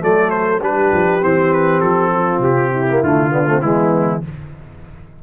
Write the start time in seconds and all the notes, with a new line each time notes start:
0.00 F#3 A3 A4 D5
0.30 C5
0.61 G3 D4 G4 B4
0.92 F3
1.21 E3 C4 C5
1.53 B4
1.80 F3 A4
2.14 F4
2.39 C3 G4
2.71 E4
2.90 A#3
3.02 D3 A3 F4
3.30 B3 D4
3.47 A3 C4
3.62 E3 G#3 B3 E4